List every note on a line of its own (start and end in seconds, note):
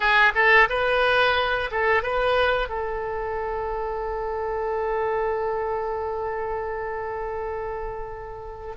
0.00 0.32 G#4
0.34 0.68 A4
0.69 1.70 B4
1.71 2.03 A4
2.03 2.68 B4
2.68 8.75 A4